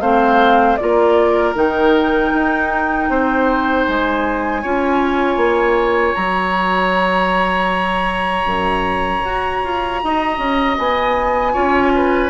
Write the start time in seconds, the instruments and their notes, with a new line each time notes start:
0.00 bassoon A3, clarinet C4, oboe C5, flute F5
0.76 bassoon A#3, clarinet F4, oboe A#4, flute D5
1.55 bassoon D#3, clarinet D#4, flute G5
2.33 bassoon D#4
3.09 bassoon C4, oboe C5
3.86 bassoon G#3, flute G#5
4.62 bassoon C#4, clarinet F4, oboe C#5
5.37 bassoon A#3
6.14 bassoon F#3, clarinet F#4, flute A#5
8.45 bassoon F#2
9.24 bassoon F#4
9.64 bassoon F4
10.03 bassoon D#4, oboe D#5
10.38 bassoon C#4
10.78 bassoon B3, flute G#5
11.53 bassoon C#4, clarinet F4, oboe C#5
11.95 oboe B4